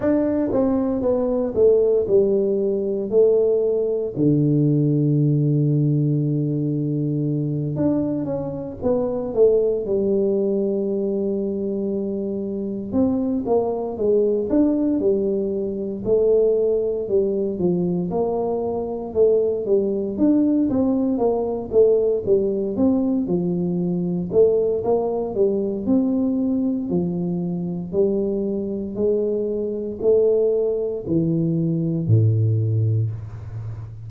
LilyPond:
\new Staff \with { instrumentName = "tuba" } { \time 4/4 \tempo 4 = 58 d'8 c'8 b8 a8 g4 a4 | d2.~ d8 d'8 | cis'8 b8 a8 g2~ g8~ | g8 c'8 ais8 gis8 d'8 g4 a8~ |
a8 g8 f8 ais4 a8 g8 d'8 | c'8 ais8 a8 g8 c'8 f4 a8 | ais8 g8 c'4 f4 g4 | gis4 a4 e4 a,4 | }